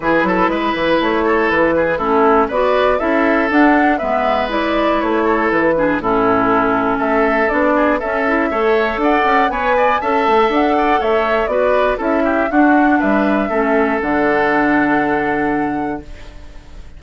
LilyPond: <<
  \new Staff \with { instrumentName = "flute" } { \time 4/4 \tempo 4 = 120 b'2 cis''4 b'4 | a'4 d''4 e''4 fis''4 | e''4 d''4 cis''4 b'4 | a'2 e''4 d''4 |
e''2 fis''4 gis''4 | a''4 fis''4 e''4 d''4 | e''4 fis''4 e''2 | fis''1 | }
  \new Staff \with { instrumentName = "oboe" } { \time 4/4 gis'8 a'8 b'4. a'4 gis'8 | e'4 b'4 a'2 | b'2~ b'8 a'4 gis'8 | e'2 a'4. gis'8 |
a'4 cis''4 d''4 cis''8 d''8 | e''4. d''8 cis''4 b'4 | a'8 g'8 fis'4 b'4 a'4~ | a'1 | }
  \new Staff \with { instrumentName = "clarinet" } { \time 4/4 e'1 | cis'4 fis'4 e'4 d'4 | b4 e'2~ e'8 d'8 | cis'2. d'4 |
cis'8 e'8 a'2 b'4 | a'2. fis'4 | e'4 d'2 cis'4 | d'1 | }
  \new Staff \with { instrumentName = "bassoon" } { \time 4/4 e8 fis8 gis8 e8 a4 e4 | a4 b4 cis'4 d'4 | gis2 a4 e4 | a,2 a4 b4 |
cis'4 a4 d'8 cis'8 b4 | cis'8 a8 d'4 a4 b4 | cis'4 d'4 g4 a4 | d1 | }
>>